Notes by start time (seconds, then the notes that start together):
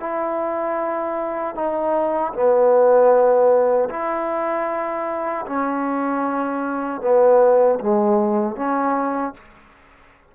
0.00 E4
1.55 D#4
2.33 B3
3.90 E4
5.46 C#4
7.01 B3
7.80 G#3
8.56 C#4